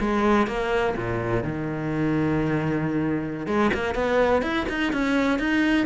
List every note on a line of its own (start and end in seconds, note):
0.00 0.47 G#3
0.47 0.95 A#3
0.96 1.44 A#2
1.44 3.47 D#3
3.47 3.71 G#3
3.74 3.95 A#3
3.95 4.42 B3
4.42 4.66 E4
4.69 4.93 D#4
4.93 5.39 C#4
5.39 5.86 D#4